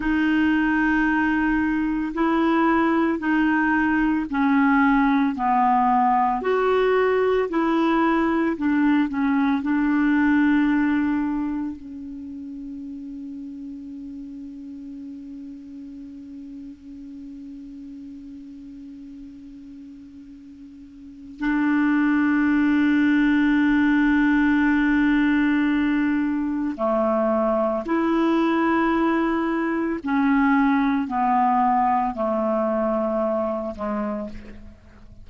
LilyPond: \new Staff \with { instrumentName = "clarinet" } { \time 4/4 \tempo 4 = 56 dis'2 e'4 dis'4 | cis'4 b4 fis'4 e'4 | d'8 cis'8 d'2 cis'4~ | cis'1~ |
cis'1 | d'1~ | d'4 a4 e'2 | cis'4 b4 a4. gis8 | }